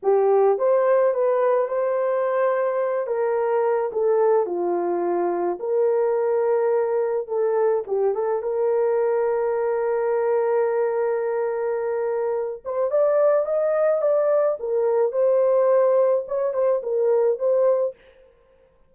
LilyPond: \new Staff \with { instrumentName = "horn" } { \time 4/4 \tempo 4 = 107 g'4 c''4 b'4 c''4~ | c''4. ais'4. a'4 | f'2 ais'2~ | ais'4 a'4 g'8 a'8 ais'4~ |
ais'1~ | ais'2~ ais'8 c''8 d''4 | dis''4 d''4 ais'4 c''4~ | c''4 cis''8 c''8 ais'4 c''4 | }